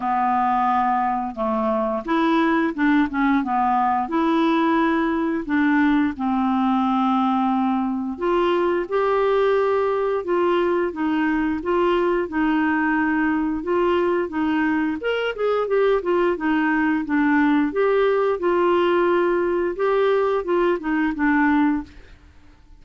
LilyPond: \new Staff \with { instrumentName = "clarinet" } { \time 4/4 \tempo 4 = 88 b2 a4 e'4 | d'8 cis'8 b4 e'2 | d'4 c'2. | f'4 g'2 f'4 |
dis'4 f'4 dis'2 | f'4 dis'4 ais'8 gis'8 g'8 f'8 | dis'4 d'4 g'4 f'4~ | f'4 g'4 f'8 dis'8 d'4 | }